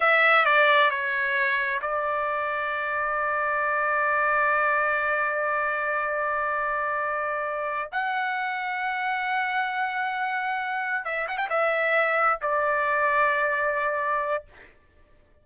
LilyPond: \new Staff \with { instrumentName = "trumpet" } { \time 4/4 \tempo 4 = 133 e''4 d''4 cis''2 | d''1~ | d''1~ | d''1~ |
d''4. fis''2~ fis''8~ | fis''1~ | fis''8 e''8 fis''16 g''16 e''2 d''8~ | d''1 | }